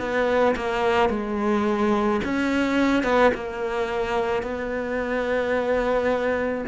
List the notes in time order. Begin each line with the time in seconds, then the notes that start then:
0.00 B3
0.56 A#3
1.10 G#3
2.25 C#4
3.04 B3
3.34 A#3
4.42 B3